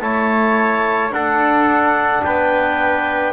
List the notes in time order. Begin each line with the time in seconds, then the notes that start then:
0.00 A3 E4 C#5 A5
1.10 D4 A4 F#5
2.23 B3 B4 G5